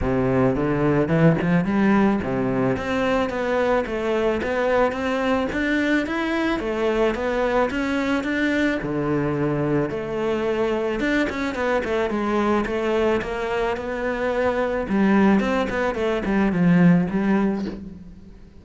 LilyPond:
\new Staff \with { instrumentName = "cello" } { \time 4/4 \tempo 4 = 109 c4 d4 e8 f8 g4 | c4 c'4 b4 a4 | b4 c'4 d'4 e'4 | a4 b4 cis'4 d'4 |
d2 a2 | d'8 cis'8 b8 a8 gis4 a4 | ais4 b2 g4 | c'8 b8 a8 g8 f4 g4 | }